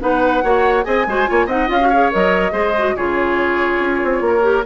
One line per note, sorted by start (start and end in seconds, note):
0.00 0.43 B3
0.00 0.42 D#4
0.00 0.44 B4
0.00 0.84 F#5
0.42 0.85 A#3
0.42 0.83 F#4
0.42 0.85 C#5
0.83 1.06 C4
0.83 1.04 G#4
0.83 1.06 D#5
0.83 1.47 G#5
1.06 1.27 G#3
1.06 1.26 F#4
1.06 1.29 C5
1.26 1.46 A#3
1.26 1.47 F4
1.26 1.46 C#5
1.46 1.68 C4
1.46 1.67 D#4
1.46 1.88 D#5
1.46 1.70 F#5
1.67 2.12 C#4
1.67 1.78 F4
1.67 2.12 F5
1.80 1.91 F#4
1.88 2.11 G#4
1.88 2.52 C#5
2.11 2.52 F#3
2.11 2.51 A#4
2.11 2.96 D#5
2.51 2.94 G#3
2.51 2.73 G#4
2.51 2.94 C5
2.78 2.97 F#4
2.96 3.79 C#3
2.96 4.41 F4
2.96 4.23 G#4
2.96 4.65 C#5
3.79 4.00 C#4
4.04 4.21 C4
4.21 4.63 A#3
4.21 4.65 A#4
4.41 4.62 G4